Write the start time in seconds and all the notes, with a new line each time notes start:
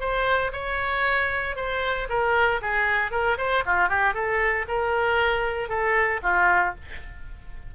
0.00 C5
0.53 C#5
1.56 C5
2.09 A#4
2.62 G#4
3.12 A#4
3.38 C5
3.66 F4
3.89 G4
4.14 A4
4.68 A#4
5.69 A4
6.23 F4